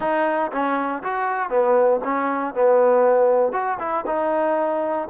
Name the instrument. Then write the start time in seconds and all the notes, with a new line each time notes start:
trombone
0.00 D#4
0.52 C#4
1.03 F#4
1.49 B3
2.04 C#4
2.54 B3
3.52 F#4
3.79 E4
4.06 D#4